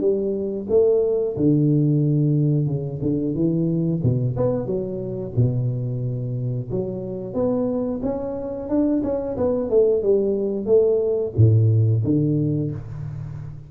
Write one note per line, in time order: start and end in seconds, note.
0.00 0.67 G3
0.69 1.36 A3
1.36 2.67 D3
2.67 3.00 C#3
3.02 3.35 D3
3.35 4.01 E3
4.03 4.36 B2
4.36 4.66 B3
4.66 5.32 F#3
5.36 6.69 B2
6.71 7.34 F#3
7.34 8.00 B3
8.02 8.69 C#4
8.69 9.02 D4
9.03 9.37 C#4
9.37 9.70 B3
9.70 10.02 A3
10.02 10.65 G3
10.65 11.32 A3
11.37 12.03 A2
12.04 12.71 D3